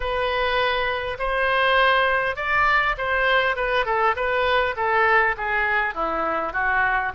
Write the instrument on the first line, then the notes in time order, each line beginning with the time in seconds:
oboe
0.00 B4
1.19 C5
2.36 D5
2.97 C5
3.56 B4
3.85 A4
4.16 B4
4.76 A4
5.37 G#4
5.94 E4
6.53 F#4